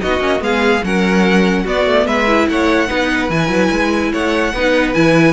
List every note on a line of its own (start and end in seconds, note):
0.00 0.20 B3
0.00 0.20 D#4
0.00 0.43 F#4
0.00 0.41 D#5
0.20 0.40 A#3
0.20 0.39 C#4
0.39 0.82 G#3
0.39 0.81 B3
0.39 0.85 G#4
0.39 0.84 F5
0.83 1.66 F#3
0.83 1.66 C#4
0.83 1.63 A#4
0.83 1.66 F#5
1.63 2.27 B3
1.63 1.86 B3
1.63 2.04 F#4
1.63 2.07 D5
1.86 2.06 A3
2.06 2.47 G#3
2.06 2.49 B4
2.06 2.48 E5
2.27 2.88 E4
2.49 2.90 A3
2.49 2.88 C#5
2.49 3.30 F#5
2.88 3.29 B3
2.88 3.29 D#4
2.88 4.11 B4
3.29 3.49 E3
3.29 4.52 E4
3.29 4.12 G#5
3.49 3.69 F#3
3.71 4.12 G#3
4.12 4.54 A3
4.12 4.53 C#5
4.12 4.94 F#5
4.54 4.95 B3
4.54 4.94 D#4
4.54 5.33 B4
4.94 5.33 E3
4.94 5.33 E4
4.94 5.33 G#5